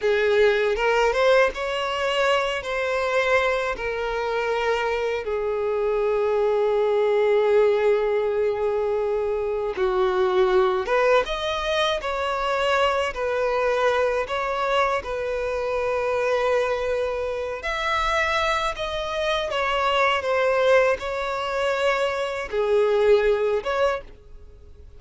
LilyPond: \new Staff \with { instrumentName = "violin" } { \time 4/4 \tempo 4 = 80 gis'4 ais'8 c''8 cis''4. c''8~ | c''4 ais'2 gis'4~ | gis'1~ | gis'4 fis'4. b'8 dis''4 |
cis''4. b'4. cis''4 | b'2.~ b'8 e''8~ | e''4 dis''4 cis''4 c''4 | cis''2 gis'4. cis''8 | }